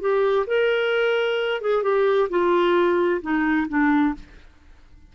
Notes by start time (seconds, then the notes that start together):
0.00 G4
0.47 A#4
1.61 G#4
1.83 G4
2.29 F4
3.21 D#4
3.68 D4